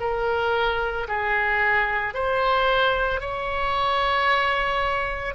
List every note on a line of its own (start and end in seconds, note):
0.00 1.07 A#4
1.08 2.14 G#4
2.14 3.20 C5
3.20 5.35 C#5